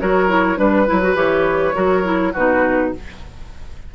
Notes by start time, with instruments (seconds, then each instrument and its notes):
0.00 bassoon F#3, clarinet F#4, oboe A#4, flute C#5
0.29 clarinet E4
0.57 bassoon G3, clarinet D4, flute B4, oboe B4
0.87 bassoon F#3, clarinet E4
1.03 clarinet F#4
1.15 bassoon E3, clarinet G4, flute C#5
1.75 bassoon F#3, clarinet F#4, oboe A#4
2.04 clarinet E4
2.33 bassoon B2, clarinet D#4, oboe F#4, flute B4